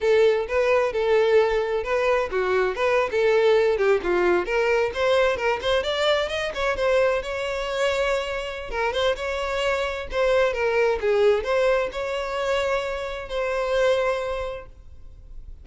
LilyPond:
\new Staff \with { instrumentName = "violin" } { \time 4/4 \tempo 4 = 131 a'4 b'4 a'2 | b'4 fis'4 b'8. a'4~ a'16~ | a'16 g'8 f'4 ais'4 c''4 ais'16~ | ais'16 c''8 d''4 dis''8 cis''8 c''4 cis''16~ |
cis''2. ais'8 c''8 | cis''2 c''4 ais'4 | gis'4 c''4 cis''2~ | cis''4 c''2. | }